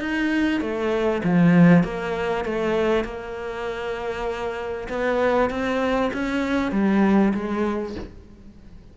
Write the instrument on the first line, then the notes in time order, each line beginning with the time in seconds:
cello
0.00 D#4
0.61 A3
1.24 F3
1.83 A#3
2.44 A3
3.04 A#3
4.89 B3
5.50 C4
6.13 C#4
6.71 G3
7.34 G#3